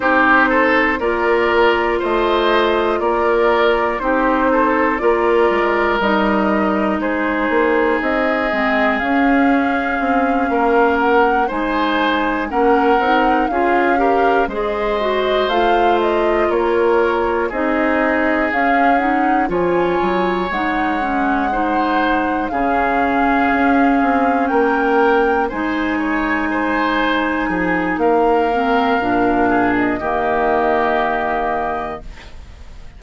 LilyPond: <<
  \new Staff \with { instrumentName = "flute" } { \time 4/4 \tempo 4 = 60 c''4 d''4 dis''4 d''4 | c''4 d''4 dis''4 c''4 | dis''4 f''2 fis''8 gis''8~ | gis''8 fis''4 f''4 dis''4 f''8 |
dis''8 cis''4 dis''4 f''8 fis''8 gis''8~ | gis''8 fis''2 f''4.~ | f''8 g''4 gis''2~ gis''8 | f''4.~ f''16 dis''2~ dis''16 | }
  \new Staff \with { instrumentName = "oboe" } { \time 4/4 g'8 a'8 ais'4 c''4 ais'4 | g'8 a'8 ais'2 gis'4~ | gis'2~ gis'8 ais'4 c''8~ | c''8 ais'4 gis'8 ais'8 c''4.~ |
c''8 ais'4 gis'2 cis''8~ | cis''4. c''4 gis'4.~ | gis'8 ais'4 c''8 cis''8 c''4 gis'8 | ais'4. gis'8 g'2 | }
  \new Staff \with { instrumentName = "clarinet" } { \time 4/4 dis'4 f'2. | dis'4 f'4 dis'2~ | dis'8 c'8 cis'2~ cis'8 dis'8~ | dis'8 cis'8 dis'8 f'8 g'8 gis'8 fis'8 f'8~ |
f'4. dis'4 cis'8 dis'8 f'8~ | f'8 dis'8 cis'8 dis'4 cis'4.~ | cis'4. dis'2~ dis'8~ | dis'8 c'8 d'4 ais2 | }
  \new Staff \with { instrumentName = "bassoon" } { \time 4/4 c'4 ais4 a4 ais4 | c'4 ais8 gis8 g4 gis8 ais8 | c'8 gis8 cis'4 c'8 ais4 gis8~ | gis8 ais8 c'8 cis'4 gis4 a8~ |
a8 ais4 c'4 cis'4 f8 | fis8 gis2 cis4 cis'8 | c'8 ais4 gis2 f8 | ais4 ais,4 dis2 | }
>>